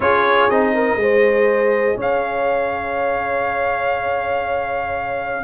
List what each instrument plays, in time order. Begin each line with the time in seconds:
0.00 tuba C#4, trombone F4, horn G#4, trumpet C#5
0.49 tuba C4, trombone D#4, trumpet D#5
0.74 horn A#4
0.95 tuba G#3, trombone G#4
1.01 horn C5
1.96 tuba C#4, horn C#5, trumpet F5